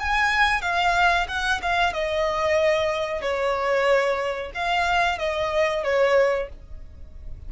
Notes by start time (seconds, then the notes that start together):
0.00 G#5
0.62 F5
1.28 F#5
1.62 F5
1.93 D#5
3.22 C#5
4.55 F5
5.18 D#5
5.84 C#5